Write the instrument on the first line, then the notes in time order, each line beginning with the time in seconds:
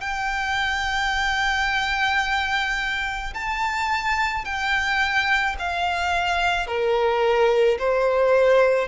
violin
0.00 G5
3.34 A5
4.44 G5
5.59 F5
6.67 A#4
7.78 C5